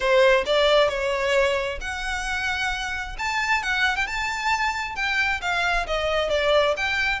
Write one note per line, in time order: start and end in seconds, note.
0.00 0.44 C5
0.46 0.88 D5
0.88 1.79 C#5
1.80 3.16 F#5
3.18 3.62 A5
3.62 3.96 F#5
3.96 4.06 G5
4.06 4.95 A5
4.95 5.40 G5
5.41 5.86 F5
5.86 6.29 D#5
6.29 6.74 D5
6.76 7.20 G5